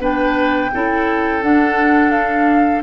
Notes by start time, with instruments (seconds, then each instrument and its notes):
0.00 tuba B3, clarinet D4, oboe B4, flute G5
0.74 tuba C#4, clarinet E4, oboe A4
1.43 clarinet D4, tuba D4, flute F#5
2.11 flute F5